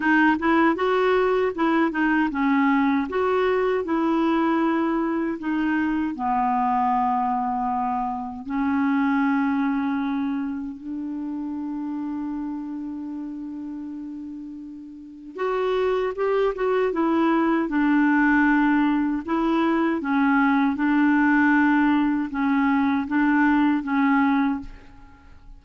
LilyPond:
\new Staff \with { instrumentName = "clarinet" } { \time 4/4 \tempo 4 = 78 dis'8 e'8 fis'4 e'8 dis'8 cis'4 | fis'4 e'2 dis'4 | b2. cis'4~ | cis'2 d'2~ |
d'1 | fis'4 g'8 fis'8 e'4 d'4~ | d'4 e'4 cis'4 d'4~ | d'4 cis'4 d'4 cis'4 | }